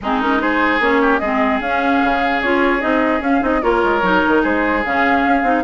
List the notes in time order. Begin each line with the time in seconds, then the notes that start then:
0.01 G#3 C4 D#4 G#4
0.21 C#4 A#4
0.38 D#4 G#4 C5
0.79 A#3 C#4 C#5
1.01 G4
1.18 G#3 C4 G#4 D#5
1.60 C#4 F5
2.03 C#3
2.41 C#4 F4 C#5
2.80 C4 D#4 D#5
3.20 C#4 F5
3.41 C4 D#4 D#5
3.61 A#3 F4 A#4 C#5
3.83 G#3
4.01 F#3 D#4
4.27 D#3
4.42 G#3 G#4 C5
4.85 C#3 C#4 F5
5.25 C#4
5.42 C4 D#4